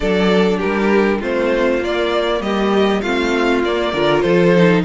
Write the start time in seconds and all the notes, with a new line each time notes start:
0.00 F#3 D4 A4 D5
0.57 G4 A#4
0.64 G3
1.19 A3 C4 F4 C5
1.80 A#3 D5
2.40 G3 G4 D#5
3.01 A3 C4 F4 F5
3.63 A#3 D5
3.92 D3 F4 A#4
4.21 F3 A4 C5
4.56 D#4